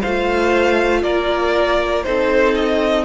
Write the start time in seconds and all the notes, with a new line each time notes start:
0.00 A3 F4 C5 F5
1.03 A#3 A#4 D5
2.04 C4 D#4 A4 C5
2.56 D#5